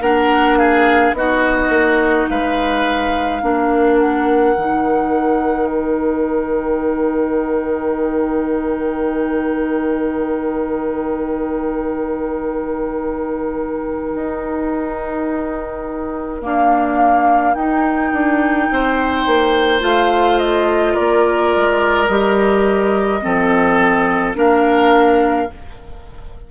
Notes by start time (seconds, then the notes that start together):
0.00 A#3 D4 A#4 F#5
0.58 G#4 F5
1.13 B3 D#4 F#4 D#5
1.69 A#3
2.28 G#3 B4 F5
3.42 A#3 D4 A#4
3.98 F#5
4.57 D#3 D#4
5.67 G5
14.15 D#4
16.42 A#3 D4 F5
17.54 D#4 G5
18.12 D4
18.71 C4 C5
19.26 A#3
19.80 A3 F4 F5
20.38 D#5
20.94 A#3 A#4 D5
21.56 G#3
22.08 G3 G4 D#5
23.22 F3 C4 A4
24.35 A#3 D4 A#4 F5